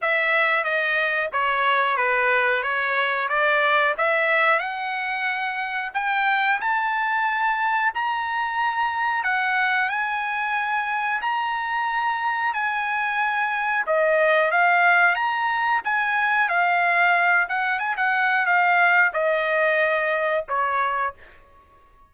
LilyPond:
\new Staff \with { instrumentName = "trumpet" } { \time 4/4 \tempo 4 = 91 e''4 dis''4 cis''4 b'4 | cis''4 d''4 e''4 fis''4~ | fis''4 g''4 a''2 | ais''2 fis''4 gis''4~ |
gis''4 ais''2 gis''4~ | gis''4 dis''4 f''4 ais''4 | gis''4 f''4. fis''8 gis''16 fis''8. | f''4 dis''2 cis''4 | }